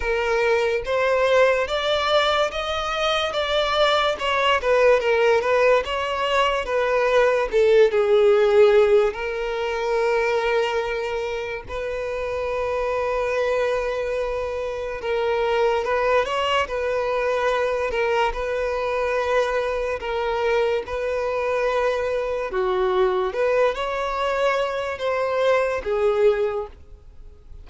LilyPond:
\new Staff \with { instrumentName = "violin" } { \time 4/4 \tempo 4 = 72 ais'4 c''4 d''4 dis''4 | d''4 cis''8 b'8 ais'8 b'8 cis''4 | b'4 a'8 gis'4. ais'4~ | ais'2 b'2~ |
b'2 ais'4 b'8 cis''8 | b'4. ais'8 b'2 | ais'4 b'2 fis'4 | b'8 cis''4. c''4 gis'4 | }